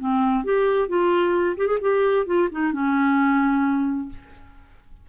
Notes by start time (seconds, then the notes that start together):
0.00 C4
0.45 G4
0.89 F4
1.58 G4
1.68 G#4
1.81 G4
2.27 F4
2.52 D#4
2.73 C#4